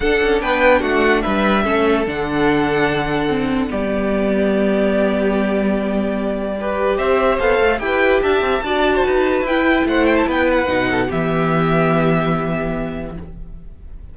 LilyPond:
<<
  \new Staff \with { instrumentName = "violin" } { \time 4/4 \tempo 4 = 146 fis''4 g''4 fis''4 e''4~ | e''4 fis''2.~ | fis''4 d''2.~ | d''1~ |
d''4 e''4 f''4 g''4 | a''2. g''4 | fis''8 g''16 a''16 g''8 fis''4. e''4~ | e''1 | }
  \new Staff \with { instrumentName = "violin" } { \time 4/4 a'4 b'4 fis'4 b'4 | a'1~ | a'4 g'2.~ | g'1 |
b'4 c''2 b'4 | e''4 d''8. c''16 b'2 | c''4 b'4. a'8 g'4~ | g'1 | }
  \new Staff \with { instrumentName = "viola" } { \time 4/4 d'1 | cis'4 d'2. | c'4 b2.~ | b1 |
g'2 a'4 g'4~ | g'4 fis'2 e'4~ | e'2 dis'4 b4~ | b1 | }
  \new Staff \with { instrumentName = "cello" } { \time 4/4 d'8 cis'8 b4 a4 g4 | a4 d2.~ | d4 g2.~ | g1~ |
g4 c'4 b8 a8 e'4 | d'8 c'8 d'4 dis'4 e'4 | a4 b4 b,4 e4~ | e1 | }
>>